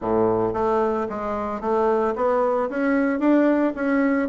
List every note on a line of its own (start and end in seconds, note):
0.01 0.53 A2
0.53 1.07 A3
1.09 1.60 G#3
1.60 2.14 A3
2.15 2.69 B3
2.69 3.19 C#4
3.19 3.73 D4
3.75 4.29 C#4